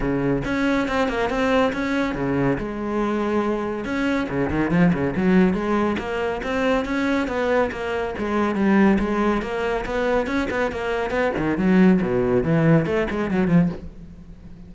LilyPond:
\new Staff \with { instrumentName = "cello" } { \time 4/4 \tempo 4 = 140 cis4 cis'4 c'8 ais8 c'4 | cis'4 cis4 gis2~ | gis4 cis'4 cis8 dis8 f8 cis8 | fis4 gis4 ais4 c'4 |
cis'4 b4 ais4 gis4 | g4 gis4 ais4 b4 | cis'8 b8 ais4 b8 dis8 fis4 | b,4 e4 a8 gis8 fis8 f8 | }